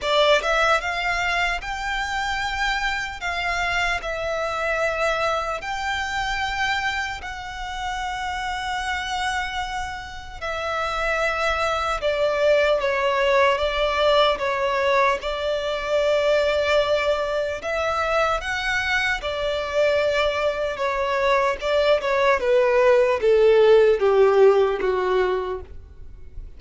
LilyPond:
\new Staff \with { instrumentName = "violin" } { \time 4/4 \tempo 4 = 75 d''8 e''8 f''4 g''2 | f''4 e''2 g''4~ | g''4 fis''2.~ | fis''4 e''2 d''4 |
cis''4 d''4 cis''4 d''4~ | d''2 e''4 fis''4 | d''2 cis''4 d''8 cis''8 | b'4 a'4 g'4 fis'4 | }